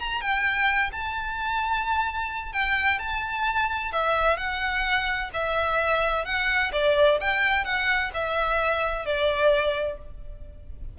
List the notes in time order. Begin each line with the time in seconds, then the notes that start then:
0.00 A#5
0.21 G5
0.93 A5
2.53 G5
2.99 A5
3.93 E5
4.38 F#5
5.34 E5
6.25 F#5
6.73 D5
7.21 G5
7.65 F#5
8.14 E5
9.06 D5